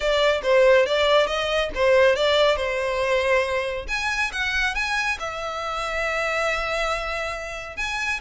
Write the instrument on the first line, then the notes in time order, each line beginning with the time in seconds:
violin
0.00 D5
0.42 C5
0.86 D5
1.26 D#5
1.74 C5
2.15 D5
2.56 C5
3.88 G#5
4.32 F#5
4.75 G#5
5.19 E5
7.76 G#5